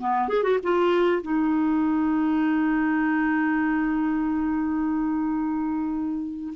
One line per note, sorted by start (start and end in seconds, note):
0.00 0.29 B3
0.29 0.43 G#4
0.43 0.59 F#4
0.63 1.22 F4
1.22 6.54 D#4